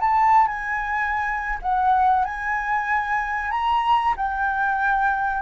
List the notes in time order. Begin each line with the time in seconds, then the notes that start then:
0.00 A5
0.47 G#5
1.62 F#5
2.25 G#5
3.50 A#5
4.17 G5